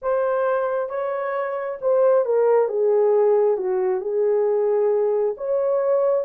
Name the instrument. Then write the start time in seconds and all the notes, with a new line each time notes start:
horn
0.02 C5
0.89 C#5
1.81 C5
2.25 A#4
2.68 G#4
3.57 F#4
4.00 G#4
5.37 C#5